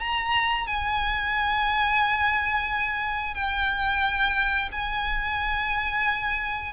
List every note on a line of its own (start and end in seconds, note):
0.00 0.67 A#5
0.67 3.35 G#5
3.35 4.69 G5
4.72 6.73 G#5